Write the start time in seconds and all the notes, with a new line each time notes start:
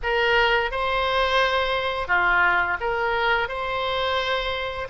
0.03 A#4
0.71 C5
2.07 F4
2.80 A#4
3.48 C5